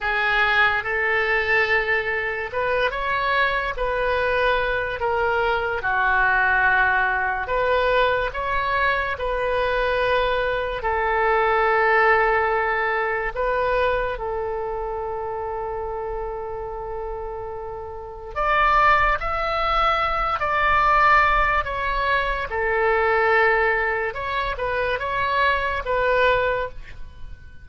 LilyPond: \new Staff \with { instrumentName = "oboe" } { \time 4/4 \tempo 4 = 72 gis'4 a'2 b'8 cis''8~ | cis''8 b'4. ais'4 fis'4~ | fis'4 b'4 cis''4 b'4~ | b'4 a'2. |
b'4 a'2.~ | a'2 d''4 e''4~ | e''8 d''4. cis''4 a'4~ | a'4 cis''8 b'8 cis''4 b'4 | }